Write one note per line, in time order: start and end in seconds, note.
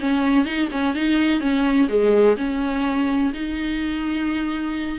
0.00 0.45 C#4
0.45 0.69 D#4
0.71 0.95 C#4
0.95 1.40 D#4
1.40 1.88 C#4
1.89 2.37 G#3
2.37 3.33 C#4
3.34 4.99 D#4